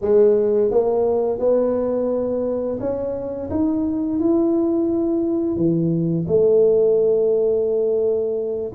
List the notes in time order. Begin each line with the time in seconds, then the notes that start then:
0.01 G#3
0.70 A#3
1.39 B3
2.79 C#4
3.50 D#4
4.19 E4
5.56 E3
6.27 A3